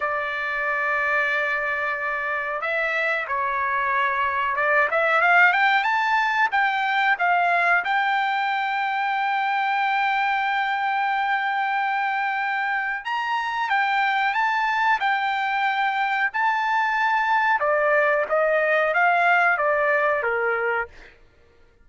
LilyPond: \new Staff \with { instrumentName = "trumpet" } { \time 4/4 \tempo 4 = 92 d''1 | e''4 cis''2 d''8 e''8 | f''8 g''8 a''4 g''4 f''4 | g''1~ |
g''1 | ais''4 g''4 a''4 g''4~ | g''4 a''2 d''4 | dis''4 f''4 d''4 ais'4 | }